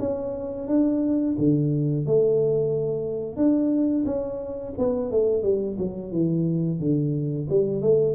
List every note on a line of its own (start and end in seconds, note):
0.00 0.68 C#4
0.68 1.36 D4
1.39 2.07 D3
2.07 3.37 A3
3.37 4.05 D4
4.06 4.74 C#4
4.79 5.12 B3
5.12 5.43 A3
5.43 5.77 G3
5.79 6.12 F#3
6.12 6.80 E3
6.80 7.48 D3
7.50 7.82 G3
7.82 8.15 A3